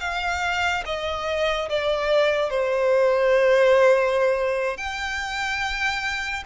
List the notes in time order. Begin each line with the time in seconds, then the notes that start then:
0.00 F5
0.85 D#5
1.69 D5
2.50 C5
4.77 G5